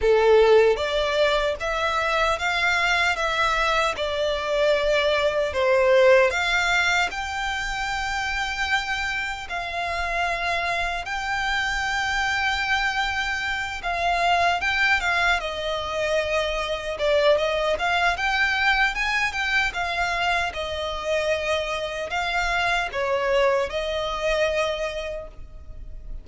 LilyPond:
\new Staff \with { instrumentName = "violin" } { \time 4/4 \tempo 4 = 76 a'4 d''4 e''4 f''4 | e''4 d''2 c''4 | f''4 g''2. | f''2 g''2~ |
g''4. f''4 g''8 f''8 dis''8~ | dis''4. d''8 dis''8 f''8 g''4 | gis''8 g''8 f''4 dis''2 | f''4 cis''4 dis''2 | }